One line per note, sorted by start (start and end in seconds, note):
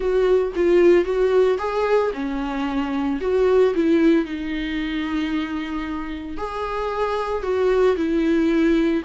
0.00 0.53 F#4
0.55 1.05 F4
1.05 1.58 F#4
1.58 2.11 G#4
2.13 3.19 C#4
3.20 3.73 F#4
3.74 4.25 E4
4.25 6.37 D#4
6.37 7.43 G#4
7.43 7.96 F#4
7.96 9.02 E4